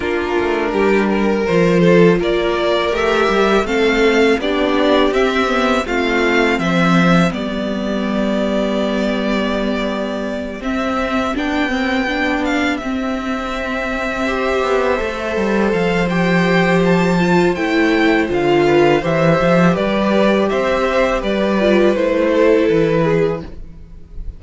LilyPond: <<
  \new Staff \with { instrumentName = "violin" } { \time 4/4 \tempo 4 = 82 ais'2 c''4 d''4 | e''4 f''4 d''4 e''4 | f''4 e''4 d''2~ | d''2~ d''8 e''4 g''8~ |
g''4 f''8 e''2~ e''8~ | e''4. f''8 g''4 a''4 | g''4 f''4 e''4 d''4 | e''4 d''4 c''4 b'4 | }
  \new Staff \with { instrumentName = "violin" } { \time 4/4 f'4 g'8 ais'4 a'8 ais'4~ | ais'4 a'4 g'2 | f'4 c''4 g'2~ | g'1~ |
g'2.~ g'8 c''8~ | c''1~ | c''4. b'8 c''4 b'4 | c''4 b'4. a'4 gis'8 | }
  \new Staff \with { instrumentName = "viola" } { \time 4/4 d'2 f'2 | g'4 c'4 d'4 c'8 b8 | c'2 b2~ | b2~ b8 c'4 d'8 |
c'8 d'4 c'2 g'8~ | g'8 a'4. g'4. f'8 | e'4 f'4 g'2~ | g'4. f'8 e'2 | }
  \new Staff \with { instrumentName = "cello" } { \time 4/4 ais8 a8 g4 f4 ais4 | a8 g8 a4 b4 c'4 | a4 f4 g2~ | g2~ g8 c'4 b8~ |
b4. c'2~ c'8 | b8 a8 g8 f2~ f8 | a4 d4 e8 f8 g4 | c'4 g4 a4 e4 | }
>>